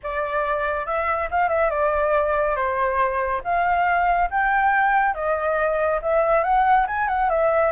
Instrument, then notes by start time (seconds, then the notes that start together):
flute
0.03 D5
0.86 E5
1.30 F5
1.49 E5
1.70 D5
2.56 C5
3.44 F5
4.30 G5
5.14 D#5
6.02 E5
6.43 F#5
6.87 G#5
7.08 F#5
7.29 E5